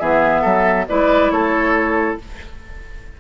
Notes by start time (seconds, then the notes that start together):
0.00 E3 B3 G#4 E5
0.42 F#3 A4
0.88 G#3 E4 B4 D5
1.31 A3 A4 C#5